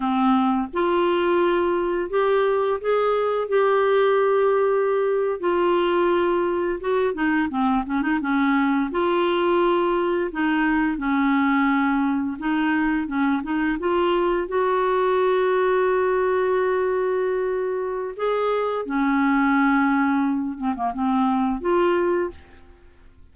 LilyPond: \new Staff \with { instrumentName = "clarinet" } { \time 4/4 \tempo 4 = 86 c'4 f'2 g'4 | gis'4 g'2~ g'8. f'16~ | f'4.~ f'16 fis'8 dis'8 c'8 cis'16 dis'16 cis'16~ | cis'8. f'2 dis'4 cis'16~ |
cis'4.~ cis'16 dis'4 cis'8 dis'8 f'16~ | f'8. fis'2.~ fis'16~ | fis'2 gis'4 cis'4~ | cis'4. c'16 ais16 c'4 f'4 | }